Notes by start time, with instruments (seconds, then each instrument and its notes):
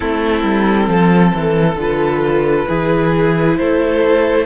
0.00 cello A3, viola C4, violin E4 A4
0.43 cello G3
0.87 cello F3, violin A4
1.34 cello E3
1.76 cello D3, viola F4, violin B4
2.68 cello E3, viola E4, violin G#4
3.56 cello A3, violin A4 C5